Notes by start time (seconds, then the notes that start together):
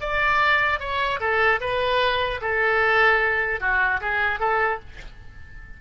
0.00 D5
0.79 C#5
1.20 A4
1.60 B4
2.41 A4
3.60 F#4
4.01 G#4
4.39 A4